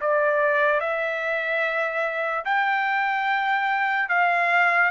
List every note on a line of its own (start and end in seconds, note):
0.00 0.80 D5
0.80 2.44 E5
2.45 4.08 G5
4.08 4.91 F5